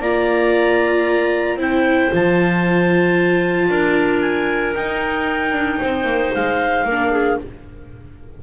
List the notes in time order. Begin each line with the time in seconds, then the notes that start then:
0.00 A#3 F4 D5 A#5
1.56 C4 E4 C5 G5
2.10 F3 F4 A5
3.69 D4 A#4
4.21 G#5
4.74 D#4 G5
5.52 D4
5.79 C4 C5
6.04 A#3
6.34 G#3 F5
6.84 A#3 A#4
6.90 D4
7.11 G#4